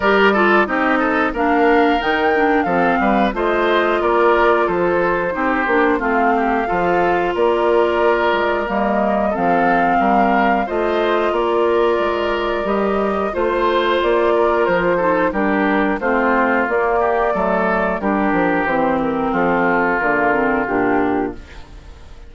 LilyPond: <<
  \new Staff \with { instrumentName = "flute" } { \time 4/4 \tempo 4 = 90 d''4 dis''4 f''4 g''4 | f''4 dis''4 d''4 c''4~ | c''4 f''2 d''4~ | d''4 dis''4 f''2 |
dis''4 d''2 dis''4 | c''4 d''4 c''4 ais'4 | c''4 d''2 ais'4 | c''8 ais'8 a'4 ais'4 g'4 | }
  \new Staff \with { instrumentName = "oboe" } { \time 4/4 ais'8 a'8 g'8 a'8 ais'2 | a'8 b'8 c''4 ais'4 a'4 | g'4 f'8 g'8 a'4 ais'4~ | ais'2 a'4 ais'4 |
c''4 ais'2. | c''4. ais'4 a'8 g'4 | f'4. g'8 a'4 g'4~ | g'4 f'2. | }
  \new Staff \with { instrumentName = "clarinet" } { \time 4/4 g'8 f'8 dis'4 d'4 dis'8 d'8 | c'4 f'2. | dis'8 d'8 c'4 f'2~ | f'4 ais4 c'2 |
f'2. g'4 | f'2~ f'8 dis'8 d'4 | c'4 ais4 a4 d'4 | c'2 ais8 c'8 d'4 | }
  \new Staff \with { instrumentName = "bassoon" } { \time 4/4 g4 c'4 ais4 dis4 | f8 g8 a4 ais4 f4 | c'8 ais8 a4 f4 ais4~ | ais8 gis8 g4 f4 g4 |
a4 ais4 gis4 g4 | a4 ais4 f4 g4 | a4 ais4 fis4 g8 f8 | e4 f4 d4 ais,4 | }
>>